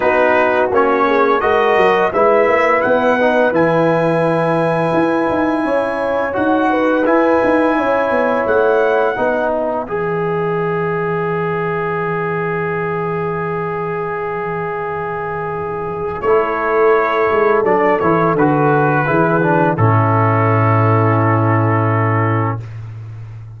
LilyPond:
<<
  \new Staff \with { instrumentName = "trumpet" } { \time 4/4 \tempo 4 = 85 b'4 cis''4 dis''4 e''4 | fis''4 gis''2.~ | gis''4 fis''4 gis''2 | fis''4. e''2~ e''8~ |
e''1~ | e''2. cis''4~ | cis''4 d''8 cis''8 b'2 | a'1 | }
  \new Staff \with { instrumentName = "horn" } { \time 4/4 fis'4. gis'8 ais'4 b'4~ | b'1 | cis''4. b'4. cis''4~ | cis''4 b'2.~ |
b'1~ | b'2. a'4~ | a'2. gis'4 | e'1 | }
  \new Staff \with { instrumentName = "trombone" } { \time 4/4 dis'4 cis'4 fis'4 e'4~ | e'8 dis'8 e'2.~ | e'4 fis'4 e'2~ | e'4 dis'4 gis'2~ |
gis'1~ | gis'2. e'4~ | e'4 d'8 e'8 fis'4 e'8 d'8 | cis'1 | }
  \new Staff \with { instrumentName = "tuba" } { \time 4/4 b4 ais4 gis8 fis8 gis8 ais8 | b4 e2 e'8 dis'8 | cis'4 dis'4 e'8 dis'8 cis'8 b8 | a4 b4 e2~ |
e1~ | e2. a4~ | a8 gis8 fis8 e8 d4 e4 | a,1 | }
>>